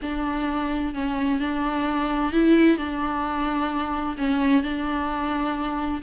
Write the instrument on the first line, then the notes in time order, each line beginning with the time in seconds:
viola
0.02 D4
0.94 C#4
1.40 D4
2.32 E4
2.77 D4
4.17 C#4
4.62 D4